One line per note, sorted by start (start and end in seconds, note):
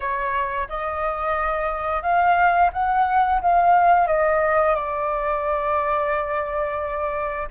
0.00 0.68 C#5
0.68 2.02 D#5
2.02 2.70 F5
2.73 3.41 F#5
3.41 4.07 F5
4.07 4.75 D#5
4.75 7.48 D5